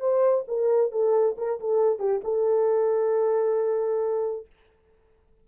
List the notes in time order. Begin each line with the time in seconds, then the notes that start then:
0.00 C5
0.48 A#4
0.92 A4
1.38 A#4
1.60 A4
1.99 G4
2.24 A4